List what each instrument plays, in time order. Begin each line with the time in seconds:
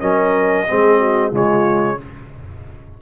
0.00 tuba F#3, trombone C#4, horn A#4, trumpet D#5
0.68 tuba G#3, trombone C4, horn G#4
0.99 horn F#4
1.31 tuba C#3, trombone G#3, horn F4, trumpet C#5